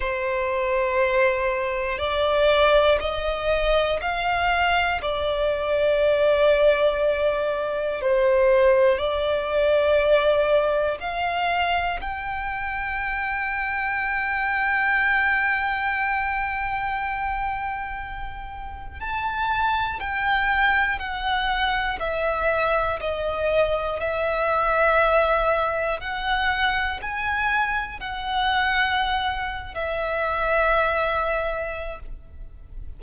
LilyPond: \new Staff \with { instrumentName = "violin" } { \time 4/4 \tempo 4 = 60 c''2 d''4 dis''4 | f''4 d''2. | c''4 d''2 f''4 | g''1~ |
g''2. a''4 | g''4 fis''4 e''4 dis''4 | e''2 fis''4 gis''4 | fis''4.~ fis''16 e''2~ e''16 | }